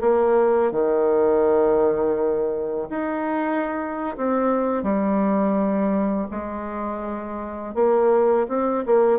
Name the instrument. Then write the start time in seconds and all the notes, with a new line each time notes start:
bassoon
0.00 A#3
0.71 D#3
2.89 D#4
4.17 C4
4.83 G3
6.31 G#3
7.74 A#3
8.48 C4
8.86 A#3